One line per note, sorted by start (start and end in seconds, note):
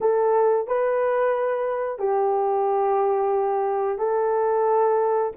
0.01 0.67 A4
0.67 1.98 B4
1.98 3.98 G4
3.98 5.32 A4